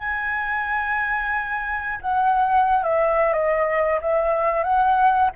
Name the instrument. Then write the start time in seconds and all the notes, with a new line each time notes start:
flute
0.00 G#5
2.02 F#5
2.84 E5
3.33 D#5
4.02 E5
4.64 F#5